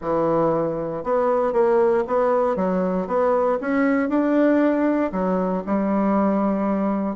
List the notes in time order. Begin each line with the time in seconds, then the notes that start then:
0.01 E3
1.03 B3
1.52 A#3
2.07 B3
2.56 F#3
3.07 B3
3.60 C#4
4.09 D4
5.12 F#3
5.66 G3